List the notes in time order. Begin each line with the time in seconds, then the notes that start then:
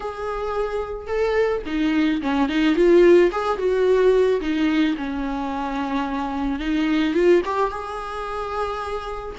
0.00 G#4
1.07 A4
1.66 D#4
2.21 C#4
2.48 D#4
2.75 F4
3.31 G#4
3.58 F#4
4.40 D#4
4.97 C#4
6.59 D#4
7.14 F4
7.45 G4
7.70 G#4